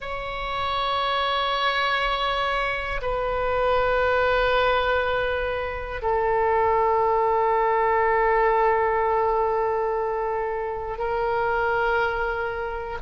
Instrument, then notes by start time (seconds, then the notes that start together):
oboe
0.00 C#5
3.01 B4
6.01 A4
10.97 A#4